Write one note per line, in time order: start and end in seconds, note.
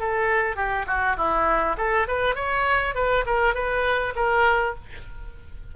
0.00 0.56 A4
0.56 0.86 G4
0.87 1.17 F#4
1.17 1.77 E4
1.78 2.07 A4
2.08 2.36 B4
2.36 2.95 C#5
2.95 3.25 B4
3.26 3.55 A#4
3.55 4.14 B4
4.16 4.75 A#4